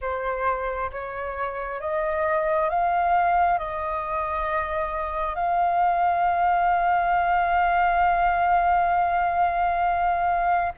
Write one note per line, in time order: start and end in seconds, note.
0.01 0.90 C5
0.91 1.80 C#5
1.80 2.69 D#5
2.69 3.58 F5
3.58 5.35 D#5
5.35 10.72 F5